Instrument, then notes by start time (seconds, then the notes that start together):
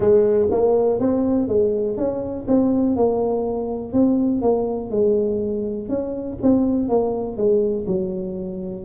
tuba
0.00 G#3
0.51 A#3
0.99 C4
1.48 G#3
1.97 C#4
2.47 C4
2.96 A#3
3.93 C4
4.41 A#3
4.90 G#3
5.88 C#4
6.42 C4
6.89 A#3
7.36 G#3
7.86 F#3